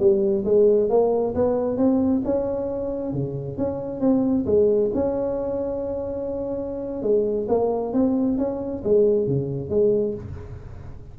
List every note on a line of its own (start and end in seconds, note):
0.00 0.45 G3
0.45 0.90 G#3
0.90 1.35 A#3
1.35 1.78 B3
1.78 2.22 C4
2.25 3.13 C#4
3.13 3.58 C#3
3.58 4.01 C#4
4.01 4.46 C4
4.47 4.91 G#3
4.95 7.03 C#4
7.03 7.48 G#3
7.49 7.94 A#3
7.94 8.39 C4
8.39 8.83 C#4
8.84 9.28 G#3
9.28 9.70 C#3
9.70 10.15 G#3